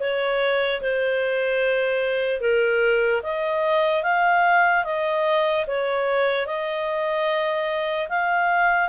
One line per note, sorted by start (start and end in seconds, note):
0.00 0.81 C#5
0.81 2.41 C5
2.41 3.22 A#4
3.23 4.03 D#5
4.03 4.84 F5
4.84 5.65 D#5
5.67 6.46 C#5
6.46 8.09 D#5
8.09 8.89 F5